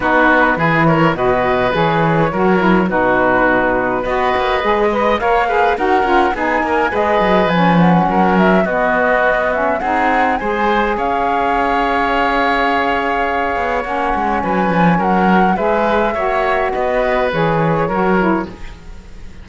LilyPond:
<<
  \new Staff \with { instrumentName = "flute" } { \time 4/4 \tempo 4 = 104 b'4. cis''8 dis''4 cis''4~ | cis''4 b'2 dis''4~ | dis''4 f''4 fis''4 gis''4 | dis''4 gis''8 fis''4 e''8 dis''4~ |
dis''8 e''8 fis''4 gis''4 f''4~ | f''1 | fis''4 gis''4 fis''4 e''4~ | e''4 dis''4 cis''2 | }
  \new Staff \with { instrumentName = "oboe" } { \time 4/4 fis'4 gis'8 ais'8 b'2 | ais'4 fis'2 b'4~ | b'8 dis''8 cis''8 b'8 ais'4 gis'8 ais'8 | b'2 ais'4 fis'4~ |
fis'4 gis'4 c''4 cis''4~ | cis''1~ | cis''4 b'4 ais'4 b'4 | cis''4 b'2 ais'4 | }
  \new Staff \with { instrumentName = "saxophone" } { \time 4/4 dis'4 e'4 fis'4 gis'4 | fis'8 e'8 dis'2 fis'4 | gis'8 b'8 ais'8 gis'8 fis'8 f'8 dis'4 | gis'4 cis'2 b4~ |
b8 cis'8 dis'4 gis'2~ | gis'1 | cis'2. gis'4 | fis'2 gis'4 fis'8 e'8 | }
  \new Staff \with { instrumentName = "cello" } { \time 4/4 b4 e4 b,4 e4 | fis4 b,2 b8 ais8 | gis4 ais4 dis'8 cis'8 b8 ais8 | gis8 fis8 f4 fis4 b4~ |
b4 c'4 gis4 cis'4~ | cis'2.~ cis'8 b8 | ais8 gis8 fis8 f8 fis4 gis4 | ais4 b4 e4 fis4 | }
>>